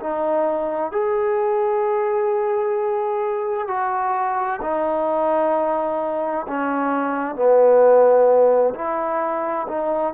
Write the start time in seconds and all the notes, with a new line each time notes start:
0.00 D#4
0.91 G#4
3.68 F#4
4.62 D#4
6.47 C#4
7.36 B3
8.74 E4
9.68 D#4